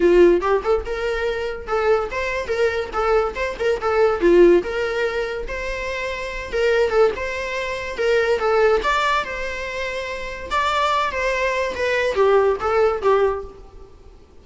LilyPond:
\new Staff \with { instrumentName = "viola" } { \time 4/4 \tempo 4 = 143 f'4 g'8 a'8 ais'2 | a'4 c''4 ais'4 a'4 | c''8 ais'8 a'4 f'4 ais'4~ | ais'4 c''2~ c''8 ais'8~ |
ais'8 a'8 c''2 ais'4 | a'4 d''4 c''2~ | c''4 d''4. c''4. | b'4 g'4 a'4 g'4 | }